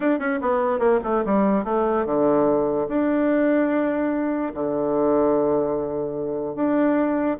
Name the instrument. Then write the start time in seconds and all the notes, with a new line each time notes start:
bassoon
0.00 D4
0.19 C#4
0.41 B3
0.79 A#3
1.03 A3
1.25 G3
1.64 A3
2.05 D3
2.88 D4
4.54 D3
6.55 D4